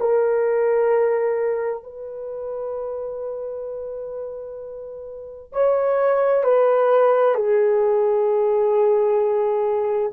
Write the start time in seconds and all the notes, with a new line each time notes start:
0.00 A#4
1.83 B4
5.53 C#5
6.44 B4
7.35 G#4